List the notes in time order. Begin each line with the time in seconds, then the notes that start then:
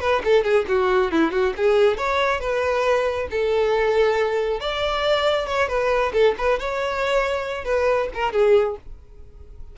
0.00 B4
0.24 A4
0.44 G#4
0.68 F#4
1.11 E4
1.31 F#4
1.56 G#4
1.97 C#5
2.40 B4
3.30 A4
4.60 D5
5.47 C#5
5.68 B4
6.13 A4
6.38 B4
6.59 C#5
7.65 B4
8.14 A#4
8.33 G#4